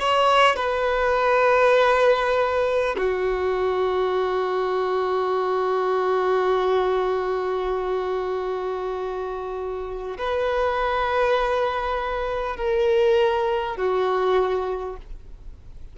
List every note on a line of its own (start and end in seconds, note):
0.00 0.56 C#5
0.56 2.96 B4
2.97 10.17 F#4
10.17 12.56 B4
12.56 13.76 A#4
13.76 14.96 F#4